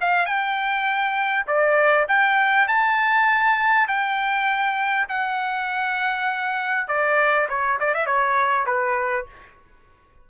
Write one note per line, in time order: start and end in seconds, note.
0.00 0.25 F5
0.25 1.45 G5
1.46 2.06 D5
2.08 2.67 G5
2.67 3.87 A5
3.87 5.07 G5
5.08 6.88 F#5
6.88 7.48 D5
7.49 7.79 C#5
7.79 7.94 D5
7.94 8.06 E5
8.06 8.66 C#5
8.66 9.26 B4